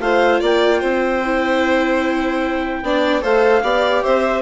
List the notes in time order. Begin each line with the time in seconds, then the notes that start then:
0.00 A3 F4 C5 F5
0.41 A#3 D5 G5
0.80 C4 C5
1.25 E4
2.83 B3 D4 D5
3.22 A3 A4 C5 F5
3.63 B3 G4 D5
4.03 C4 C5 E5